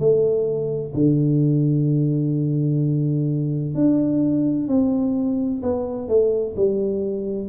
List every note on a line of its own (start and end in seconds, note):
0.00 0.94 A3
0.95 3.75 D3
3.75 4.68 D4
4.68 5.62 C4
5.63 6.09 B3
6.09 6.55 A3
6.57 7.49 G3